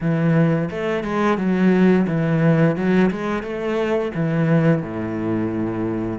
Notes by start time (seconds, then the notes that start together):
0.00 E3
0.70 A3
1.03 G#3
1.37 F#3
2.07 E3
2.76 F#3
3.10 G#3
3.42 A3
4.14 E3
4.82 A2